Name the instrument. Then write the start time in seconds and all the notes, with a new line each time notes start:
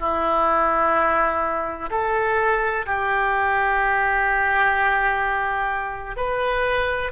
oboe
0.00 E4
1.91 A4
2.87 G4
6.17 B4